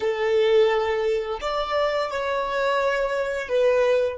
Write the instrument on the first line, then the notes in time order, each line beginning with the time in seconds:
violin
0.00 A4
1.41 D5
2.11 C#5
3.48 B4